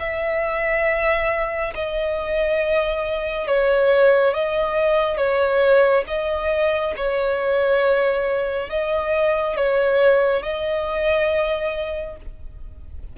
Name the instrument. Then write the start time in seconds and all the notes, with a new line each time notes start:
violin
0.00 E5
1.75 D#5
3.47 C#5
4.34 D#5
5.17 C#5
6.08 D#5
6.97 C#5
8.70 D#5
9.57 C#5
10.43 D#5